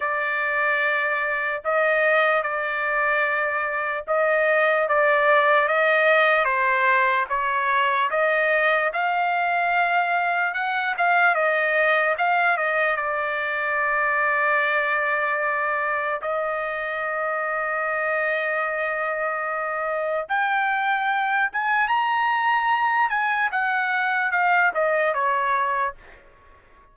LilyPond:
\new Staff \with { instrumentName = "trumpet" } { \time 4/4 \tempo 4 = 74 d''2 dis''4 d''4~ | d''4 dis''4 d''4 dis''4 | c''4 cis''4 dis''4 f''4~ | f''4 fis''8 f''8 dis''4 f''8 dis''8 |
d''1 | dis''1~ | dis''4 g''4. gis''8 ais''4~ | ais''8 gis''8 fis''4 f''8 dis''8 cis''4 | }